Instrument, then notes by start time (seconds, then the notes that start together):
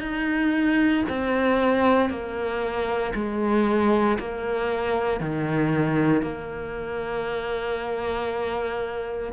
cello
0.00 D#4
1.09 C4
2.10 A#3
3.15 G#3
4.19 A#3
5.20 D#3
6.22 A#3